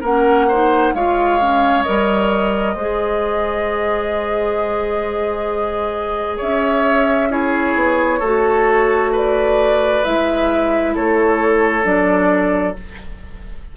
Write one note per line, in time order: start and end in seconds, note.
0.00 0.93 A#3
0.00 0.50 C#4
0.00 0.45 A#4
0.00 0.94 F#5
0.48 0.96 D#4
0.48 0.93 C5
0.94 1.85 G#3
0.94 1.40 F4
0.94 2.74 C#5
0.94 1.82 F5
1.40 1.84 C#4
1.82 2.75 G3
1.82 2.75 A#4
1.82 6.37 D#5
2.74 6.39 G#3
2.74 6.36 C5
2.80 7.30 G#4
6.36 7.75 C#4
6.36 7.27 C#5
6.36 7.31 E5
7.30 8.21 E4
7.30 8.19 G#4
7.30 9.13 C#5
7.75 8.20 B3
8.19 10.03 A3
8.19 10.04 F#4
8.19 9.10 A4
9.12 10.94 B4
9.12 10.04 D5
10.04 10.95 G#3
10.04 11.83 E4
10.04 10.95 E5
10.94 11.84 A3
10.94 12.76 A4
10.94 11.84 C#5
11.83 12.75 F#3
11.83 12.73 D4
11.83 12.75 D5